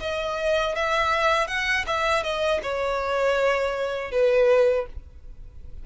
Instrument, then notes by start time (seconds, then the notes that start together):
violin
0.00 D#5
0.75 E5
1.47 F#5
1.86 E5
2.23 D#5
2.62 C#5
4.11 B4